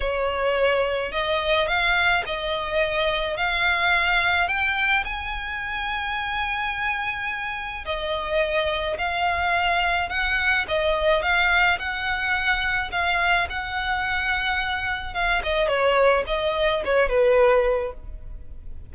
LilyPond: \new Staff \with { instrumentName = "violin" } { \time 4/4 \tempo 4 = 107 cis''2 dis''4 f''4 | dis''2 f''2 | g''4 gis''2.~ | gis''2 dis''2 |
f''2 fis''4 dis''4 | f''4 fis''2 f''4 | fis''2. f''8 dis''8 | cis''4 dis''4 cis''8 b'4. | }